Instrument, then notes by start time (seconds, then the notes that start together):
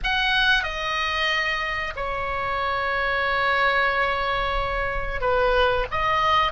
oboe
0.03 F#5
0.63 D#5
1.96 C#5
5.20 B4
5.91 D#5